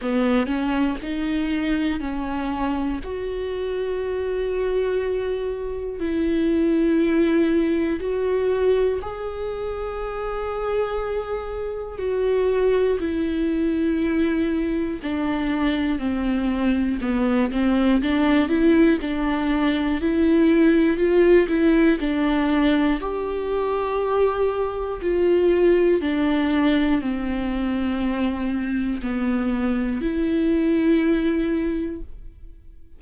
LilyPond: \new Staff \with { instrumentName = "viola" } { \time 4/4 \tempo 4 = 60 b8 cis'8 dis'4 cis'4 fis'4~ | fis'2 e'2 | fis'4 gis'2. | fis'4 e'2 d'4 |
c'4 b8 c'8 d'8 e'8 d'4 | e'4 f'8 e'8 d'4 g'4~ | g'4 f'4 d'4 c'4~ | c'4 b4 e'2 | }